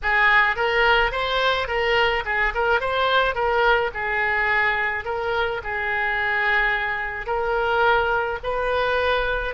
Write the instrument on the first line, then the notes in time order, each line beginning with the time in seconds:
oboe
0.02 G#4
0.56 A#4
1.11 C5
1.67 A#4
2.25 G#4
2.54 A#4
2.80 C5
3.34 A#4
3.94 G#4
5.05 A#4
5.63 G#4
7.26 A#4
8.43 B4